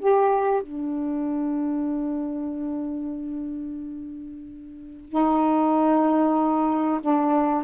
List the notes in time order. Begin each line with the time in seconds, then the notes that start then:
0.00 G4
0.63 D4
5.09 D#4
7.01 D4